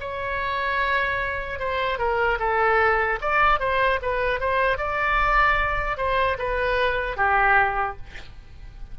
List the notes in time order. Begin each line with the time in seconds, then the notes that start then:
0.00 C#5
1.59 C5
1.98 A#4
2.39 A4
3.21 D5
3.59 C5
4.02 B4
4.40 C5
4.77 D5
5.97 C5
6.38 B4
7.16 G4